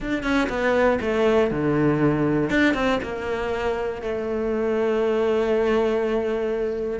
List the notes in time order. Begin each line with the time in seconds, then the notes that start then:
0.00 D4
0.22 C#4
0.49 B3
1.00 A3
1.50 D3
2.50 D4
2.74 C4
3.02 A#3
4.02 A3